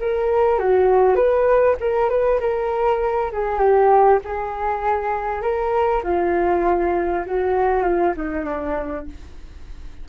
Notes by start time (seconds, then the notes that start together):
0.00 A#4
0.59 F#4
1.15 B4
1.80 A#4
2.09 B4
2.40 A#4
3.32 G#4
3.58 G4
4.25 G#4
5.42 A#4
6.03 F4
7.26 F#4
7.83 F4
8.16 D#4
8.45 D4